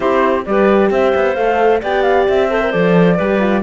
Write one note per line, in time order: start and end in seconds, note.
0.00 0.45 C4
0.00 0.45 E4
0.00 0.45 G4
0.00 0.44 C5
0.45 0.90 G3
0.45 1.36 G4
0.45 0.90 B4
0.45 0.90 D5
0.90 1.13 C4
0.90 1.81 C5
0.90 1.34 E5
1.15 1.36 B3
1.34 1.82 A3
1.34 1.82 A4
1.34 1.80 F5
1.81 2.28 B3
1.81 2.50 G4
1.81 2.49 D5
1.81 2.02 G5
2.02 2.25 F5
2.28 2.73 C4
2.28 2.71 E5
2.50 2.61 A4
2.50 3.16 C5
2.61 2.72 A#4
2.71 3.19 F3
2.71 3.17 A4
2.71 3.62 D5
3.16 3.62 G3
3.16 3.39 G4
3.16 3.61 B4
3.39 3.62 F4